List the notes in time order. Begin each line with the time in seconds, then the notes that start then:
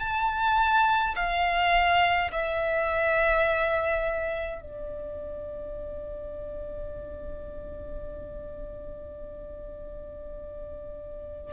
0.00 A5
1.16 F5
2.32 E5
4.62 D5